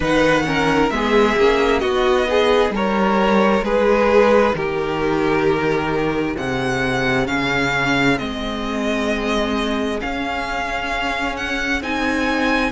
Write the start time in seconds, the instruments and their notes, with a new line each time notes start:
0.00 cello D#3, viola D#4, violin B4 F#5
0.45 viola C#4, violin A#4
0.89 cello G#3, viola B3, violin G#4 E5
1.36 cello A#3, viola C#4
1.79 cello B3, viola D#4, violin F#4 D#5
2.29 violin G#4
2.70 cello G3, violin A#4 C#5
3.61 cello G#3, violin G#4 B4
4.53 cello D#3, violin G4 A#4
6.37 cello C3, violin G#4 F#5
7.25 cello C#3, viola C#4, violin F5
8.18 cello G#3, viola C4, violin D#5
10.00 viola C#4, cello C#4, violin F5
11.36 violin F#5
11.81 cello C4, viola D#4, violin G#5